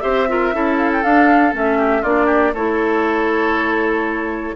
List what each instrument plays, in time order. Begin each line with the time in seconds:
0.00 bassoon C4, clarinet G4, oboe C5, flute E5
0.28 clarinet F4, oboe A#4
0.53 bassoon C#4, clarinet E4, oboe A4
0.78 flute F5
0.92 flute G5
1.03 clarinet D4, bassoon D4, flute F5
1.52 bassoon A3, clarinet C#4, flute E5
1.78 oboe G4
2.01 bassoon A#3, clarinet D4, oboe F4, flute D5
2.26 oboe G4
2.54 bassoon A3, clarinet E4, oboe A4, flute C#5